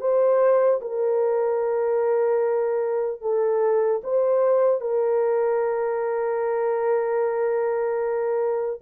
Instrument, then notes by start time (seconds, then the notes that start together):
horn
0.00 C5
0.81 A#4
3.21 A4
4.03 C5
4.80 A#4